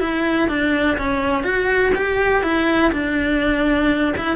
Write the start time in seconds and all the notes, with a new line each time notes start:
0.00 E4
0.48 D4
0.97 C#4
1.43 F#4
1.94 G4
2.43 E4
2.92 D4
4.17 E4